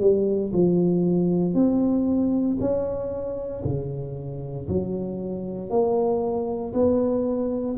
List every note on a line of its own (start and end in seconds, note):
0.00 0.52 G3
0.53 1.54 F3
1.54 2.58 C4
2.60 3.63 C#4
3.64 4.67 C#3
4.68 5.69 F#3
5.69 6.73 A#3
6.73 7.77 B3